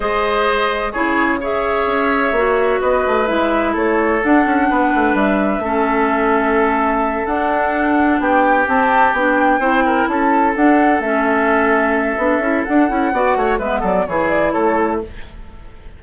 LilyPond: <<
  \new Staff \with { instrumentName = "flute" } { \time 4/4 \tempo 4 = 128 dis''2 cis''4 e''4~ | e''2 dis''4 e''4 | cis''4 fis''2 e''4~ | e''2.~ e''8 fis''8~ |
fis''4. g''4 a''4 g''8~ | g''4. a''4 fis''4 e''8~ | e''2. fis''4~ | fis''4 e''8 d''8 cis''8 d''8 cis''4 | }
  \new Staff \with { instrumentName = "oboe" } { \time 4/4 c''2 gis'4 cis''4~ | cis''2 b'2 | a'2 b'2 | a'1~ |
a'4. g'2~ g'8~ | g'8 c''8 ais'8 a'2~ a'8~ | a'1 | d''8 cis''8 b'8 a'8 gis'4 a'4 | }
  \new Staff \with { instrumentName = "clarinet" } { \time 4/4 gis'2 e'4 gis'4~ | gis'4 fis'2 e'4~ | e'4 d'2. | cis'2.~ cis'8 d'8~ |
d'2~ d'8 c'4 d'8~ | d'8 e'2 d'4 cis'8~ | cis'2 d'8 e'8 d'8 e'8 | fis'4 b4 e'2 | }
  \new Staff \with { instrumentName = "bassoon" } { \time 4/4 gis2 cis2 | cis'4 ais4 b8 a8 gis4 | a4 d'8 cis'8 b8 a8 g4 | a2.~ a8 d'8~ |
d'4. b4 c'4 b8~ | b8 c'4 cis'4 d'4 a8~ | a2 b8 cis'8 d'8 cis'8 | b8 a8 gis8 fis8 e4 a4 | }
>>